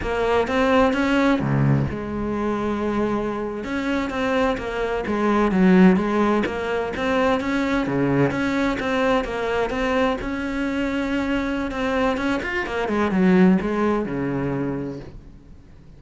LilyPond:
\new Staff \with { instrumentName = "cello" } { \time 4/4 \tempo 4 = 128 ais4 c'4 cis'4 cis,4 | gis2.~ gis8. cis'16~ | cis'8. c'4 ais4 gis4 fis16~ | fis8. gis4 ais4 c'4 cis'16~ |
cis'8. cis4 cis'4 c'4 ais16~ | ais8. c'4 cis'2~ cis'16~ | cis'4 c'4 cis'8 f'8 ais8 gis8 | fis4 gis4 cis2 | }